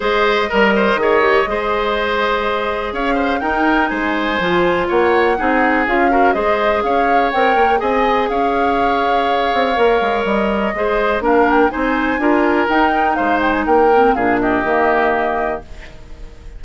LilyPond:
<<
  \new Staff \with { instrumentName = "flute" } { \time 4/4 \tempo 4 = 123 dis''1~ | dis''2 f''4 g''4 | gis''2 fis''2 | f''4 dis''4 f''4 g''4 |
gis''4 f''2.~ | f''4 dis''2 f''8 g''8 | gis''2 g''4 f''8 g''16 gis''16 | g''4 f''8 dis''2~ dis''8 | }
  \new Staff \with { instrumentName = "oboe" } { \time 4/4 c''4 ais'8 c''8 cis''4 c''4~ | c''2 cis''8 c''8 ais'4 | c''2 cis''4 gis'4~ | gis'8 ais'8 c''4 cis''2 |
dis''4 cis''2.~ | cis''2 c''4 ais'4 | c''4 ais'2 c''4 | ais'4 gis'8 g'2~ g'8 | }
  \new Staff \with { instrumentName = "clarinet" } { \time 4/4 gis'4 ais'4 gis'8 g'8 gis'4~ | gis'2. dis'4~ | dis'4 f'2 dis'4 | f'8 fis'8 gis'2 ais'4 |
gis'1 | ais'2 gis'4 d'4 | dis'4 f'4 dis'2~ | dis'8 c'8 d'4 ais2 | }
  \new Staff \with { instrumentName = "bassoon" } { \time 4/4 gis4 g4 dis4 gis4~ | gis2 cis'4 dis'4 | gis4 f4 ais4 c'4 | cis'4 gis4 cis'4 c'8 ais8 |
c'4 cis'2~ cis'8 c'8 | ais8 gis8 g4 gis4 ais4 | c'4 d'4 dis'4 gis4 | ais4 ais,4 dis2 | }
>>